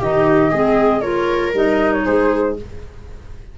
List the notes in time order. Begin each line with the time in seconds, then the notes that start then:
0.00 D#3 D#4 G4 D#5
0.51 G#3 C4 G#4
1.02 F4 A#4 C#5
1.54 G3 D#4 D#5
1.93 C#5
2.05 G#3 G#4 C5